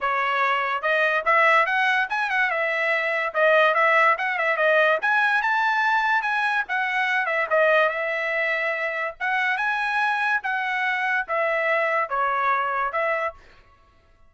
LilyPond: \new Staff \with { instrumentName = "trumpet" } { \time 4/4 \tempo 4 = 144 cis''2 dis''4 e''4 | fis''4 gis''8 fis''8 e''2 | dis''4 e''4 fis''8 e''8 dis''4 | gis''4 a''2 gis''4 |
fis''4. e''8 dis''4 e''4~ | e''2 fis''4 gis''4~ | gis''4 fis''2 e''4~ | e''4 cis''2 e''4 | }